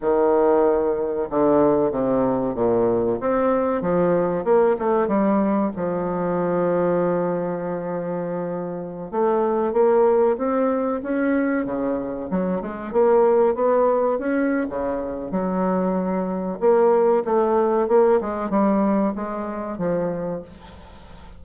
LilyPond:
\new Staff \with { instrumentName = "bassoon" } { \time 4/4 \tempo 4 = 94 dis2 d4 c4 | ais,4 c'4 f4 ais8 a8 | g4 f2.~ | f2~ f16 a4 ais8.~ |
ais16 c'4 cis'4 cis4 fis8 gis16~ | gis16 ais4 b4 cis'8. cis4 | fis2 ais4 a4 | ais8 gis8 g4 gis4 f4 | }